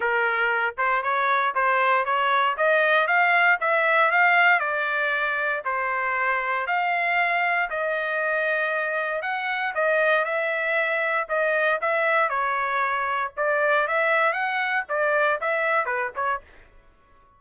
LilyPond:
\new Staff \with { instrumentName = "trumpet" } { \time 4/4 \tempo 4 = 117 ais'4. c''8 cis''4 c''4 | cis''4 dis''4 f''4 e''4 | f''4 d''2 c''4~ | c''4 f''2 dis''4~ |
dis''2 fis''4 dis''4 | e''2 dis''4 e''4 | cis''2 d''4 e''4 | fis''4 d''4 e''4 b'8 cis''8 | }